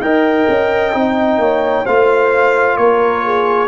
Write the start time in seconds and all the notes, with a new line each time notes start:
0.00 D#4 A#4 D#5 G5
0.48 C#4
0.92 C4 D#4
1.37 A#3 C#5
1.84 A3 F4 C5 F5
2.77 A#3 A#4 C#5
3.24 G#4